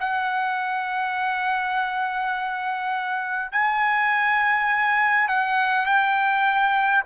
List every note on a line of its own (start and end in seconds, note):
0.00 3.52 F#5
3.52 5.29 G#5
5.29 5.86 F#5
5.86 7.04 G5